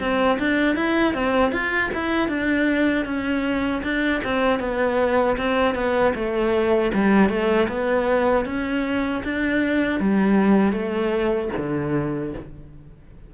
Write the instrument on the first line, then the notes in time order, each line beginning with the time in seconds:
cello
0.00 C4
0.39 D4
0.76 E4
1.14 C4
1.52 F4
1.94 E4
2.28 D4
3.05 C#4
3.84 D4
4.24 C4
4.60 B3
5.37 C4
5.75 B3
6.15 A3
6.94 G3
7.29 A3
7.69 B3
8.45 C#4
9.24 D4
10.00 G3
10.72 A3
11.57 D3